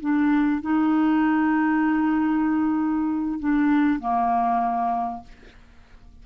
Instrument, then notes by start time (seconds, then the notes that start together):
clarinet
0.00 D4
0.61 D#4
3.39 D4
3.99 A#3